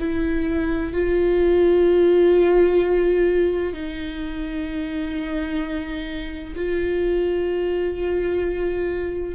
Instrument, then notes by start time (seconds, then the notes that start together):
viola
0.00 E4
0.94 F4
3.74 D#4
6.56 F4